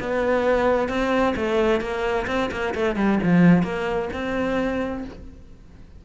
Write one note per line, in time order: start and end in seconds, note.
0.00 0.89 B3
0.89 1.35 C4
1.36 1.81 A3
1.81 2.27 A#3
2.28 2.50 C4
2.52 2.75 A#3
2.75 2.96 A3
2.96 3.19 G3
3.24 3.63 F3
3.63 4.09 A#3
4.13 5.05 C4